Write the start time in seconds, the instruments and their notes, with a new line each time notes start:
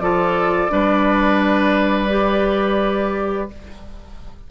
0.00 bassoon F3, clarinet F4, oboe A4, flute D5
0.69 bassoon G3, clarinet D4, oboe B4
2.09 clarinet G4